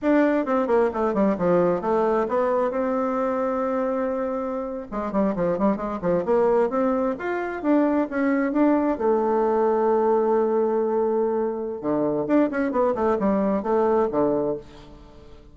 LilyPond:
\new Staff \with { instrumentName = "bassoon" } { \time 4/4 \tempo 4 = 132 d'4 c'8 ais8 a8 g8 f4 | a4 b4 c'2~ | c'2~ c'8. gis8 g8 f16~ | f16 g8 gis8 f8 ais4 c'4 f'16~ |
f'8. d'4 cis'4 d'4 a16~ | a1~ | a2 d4 d'8 cis'8 | b8 a8 g4 a4 d4 | }